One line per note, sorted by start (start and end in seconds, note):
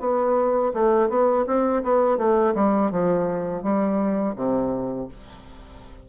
0.00 0.72 B3
0.74 1.09 A3
1.09 1.45 B3
1.47 1.83 C4
1.83 2.18 B3
2.18 2.54 A3
2.55 2.91 G3
2.91 3.63 F3
3.63 4.35 G3
4.36 5.08 C3